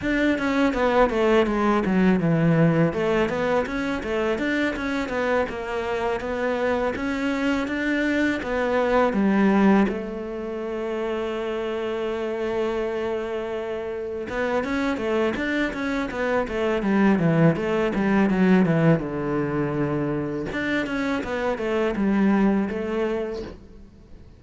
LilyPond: \new Staff \with { instrumentName = "cello" } { \time 4/4 \tempo 4 = 82 d'8 cis'8 b8 a8 gis8 fis8 e4 | a8 b8 cis'8 a8 d'8 cis'8 b8 ais8~ | ais8 b4 cis'4 d'4 b8~ | b8 g4 a2~ a8~ |
a2.~ a8 b8 | cis'8 a8 d'8 cis'8 b8 a8 g8 e8 | a8 g8 fis8 e8 d2 | d'8 cis'8 b8 a8 g4 a4 | }